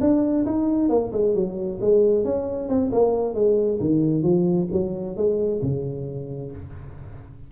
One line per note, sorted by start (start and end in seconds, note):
0.00 0.45 D4
0.45 0.89 D#4
0.89 1.11 A#3
1.12 1.34 G#3
1.35 1.79 F#3
1.80 2.24 G#3
2.24 2.68 C#4
2.68 2.91 C4
2.92 3.34 A#3
3.34 3.79 G#3
3.79 4.23 D#3
4.23 4.67 F3
4.72 5.16 F#3
5.16 5.61 G#3
5.62 6.51 C#3